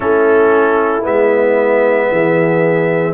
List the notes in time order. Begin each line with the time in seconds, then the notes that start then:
0.00 A3 C#4 E4 A4
1.01 G#3 B3 E5
2.11 E3 G#4